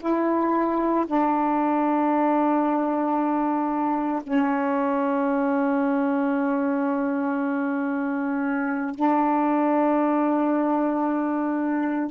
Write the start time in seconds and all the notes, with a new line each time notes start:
0.00 E4
1.06 D4
4.23 C#4
8.95 D4